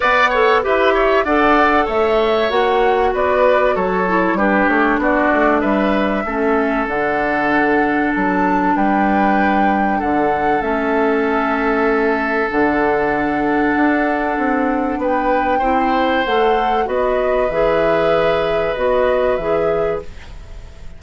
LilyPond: <<
  \new Staff \with { instrumentName = "flute" } { \time 4/4 \tempo 4 = 96 fis''4 e''4 fis''4 e''4 | fis''4 d''4 cis''4 b'8 cis''8 | d''4 e''2 fis''4~ | fis''4 a''4 g''2 |
fis''4 e''2. | fis''1 | g''2 fis''4 dis''4 | e''2 dis''4 e''4 | }
  \new Staff \with { instrumentName = "oboe" } { \time 4/4 d''8 cis''8 b'8 cis''8 d''4 cis''4~ | cis''4 b'4 a'4 g'4 | fis'4 b'4 a'2~ | a'2 b'2 |
a'1~ | a'1 | b'4 c''2 b'4~ | b'1 | }
  \new Staff \with { instrumentName = "clarinet" } { \time 4/4 b'8 a'8 g'4 a'2 | fis'2~ fis'8 e'8 d'4~ | d'2 cis'4 d'4~ | d'1~ |
d'4 cis'2. | d'1~ | d'4 e'4 a'4 fis'4 | gis'2 fis'4 gis'4 | }
  \new Staff \with { instrumentName = "bassoon" } { \time 4/4 b4 e'4 d'4 a4 | ais4 b4 fis4 g8 a8 | b8 a8 g4 a4 d4~ | d4 fis4 g2 |
d4 a2. | d2 d'4 c'4 | b4 c'4 a4 b4 | e2 b4 e4 | }
>>